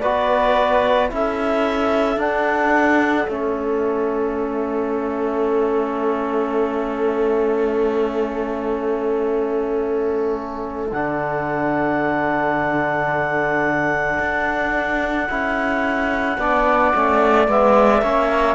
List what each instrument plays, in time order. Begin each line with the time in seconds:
0.00 cello B3, trombone F#4, flute B4, clarinet D5
1.09 cello C#4, trombone E4, flute A4, clarinet E5
2.17 cello D4, trombone D4, clarinet F#5
3.27 cello A3, trombone C#4, clarinet E5
10.91 cello D3, trombone D4, clarinet F#5
14.19 cello D4
15.28 cello C#4, trombone E4
16.37 cello B3, trombone D4, flute D5
16.93 cello A3, trombone C#4
17.46 cello G#3, trombone B3, clarinet E5
18.02 cello A#3, trombone C#4, flute C#5